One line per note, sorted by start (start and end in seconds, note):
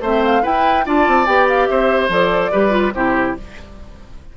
0.00 0.42 A3
0.00 0.42 C4
0.00 0.42 C5
0.00 0.23 E5
0.24 0.44 F5
0.42 0.84 E4
0.42 0.86 E4
0.42 0.84 B4
0.42 0.86 G5
0.85 1.07 D4
0.85 1.26 F4
0.85 1.69 D5
0.85 1.26 A5
1.07 1.26 C4
1.26 1.68 B3
1.26 2.09 G4
1.26 1.47 G5
1.48 1.67 F5
1.67 2.09 C4
1.67 2.51 C5
1.67 2.08 E5
2.09 2.50 F3
2.09 2.51 A4
2.09 2.93 D5
2.51 2.94 G3
2.51 2.70 G4
2.51 2.93 B4
2.70 2.90 F4
2.93 3.35 C3
2.93 3.36 E4
2.93 3.36 G4
2.93 3.35 C5